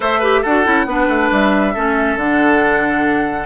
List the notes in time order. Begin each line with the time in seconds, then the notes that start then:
0.00 A3 A4 C5 E5
0.19 G4 B4
0.42 D4 F#4 A4 F#5
0.64 C#4 E4
0.85 B3 D4 B4
1.08 A3
1.31 G3 E5
1.73 A3 C#4 A4
2.16 D3 D4 F#5